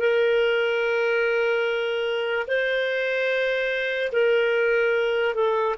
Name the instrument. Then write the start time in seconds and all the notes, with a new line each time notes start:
clarinet
0.00 A#4
2.48 C5
4.12 A#4
5.35 A4